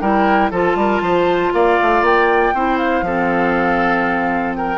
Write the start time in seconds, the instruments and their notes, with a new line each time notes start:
0.00 bassoon G3, clarinet E4, oboe A#4, flute G5
0.51 bassoon F3, clarinet F4, oboe A4, flute A5
0.75 bassoon G3, oboe A#4
1.01 bassoon F3, oboe C5
1.53 bassoon A#3, oboe D5, flute F5
1.82 bassoon A3
2.01 bassoon A#3, flute G5
2.54 bassoon C4, clarinet E4, oboe C5
2.78 flute F5
3.01 bassoon F3, clarinet C4, oboe A4
4.56 oboe A#4, flute G5